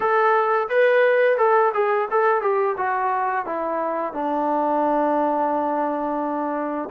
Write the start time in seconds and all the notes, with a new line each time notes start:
0.00 A4
0.68 B4
1.37 A4
1.74 G#4
2.10 A4
2.41 G4
2.77 F#4
3.45 E4
4.13 D4